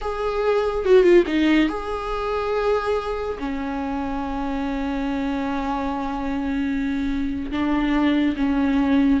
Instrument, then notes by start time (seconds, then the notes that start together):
viola
0.01 G#4
0.85 F#4
1.02 F4
1.26 D#4
1.68 G#4
3.39 C#4
7.51 D4
8.36 C#4